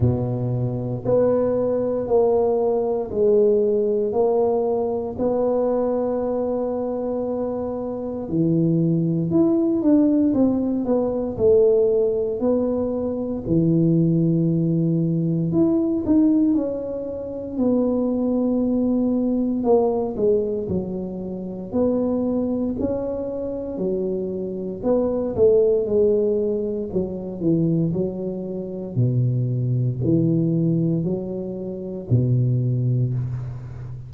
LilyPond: \new Staff \with { instrumentName = "tuba" } { \time 4/4 \tempo 4 = 58 b,4 b4 ais4 gis4 | ais4 b2. | e4 e'8 d'8 c'8 b8 a4 | b4 e2 e'8 dis'8 |
cis'4 b2 ais8 gis8 | fis4 b4 cis'4 fis4 | b8 a8 gis4 fis8 e8 fis4 | b,4 e4 fis4 b,4 | }